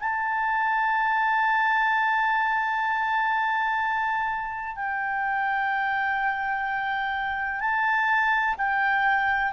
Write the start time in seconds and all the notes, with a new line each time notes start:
0.00 A5
4.76 G5
7.61 A5
8.58 G5